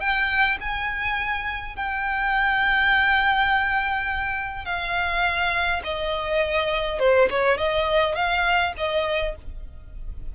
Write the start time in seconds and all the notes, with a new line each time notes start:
0.00 G5
0.60 G#5
1.76 G5
4.65 F5
5.84 D#5
6.99 C5
7.30 C#5
7.58 D#5
8.15 F5
8.77 D#5